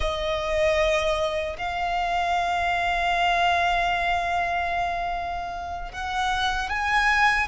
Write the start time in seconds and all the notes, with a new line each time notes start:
0.00 D#5
1.58 F5
5.92 F#5
6.69 G#5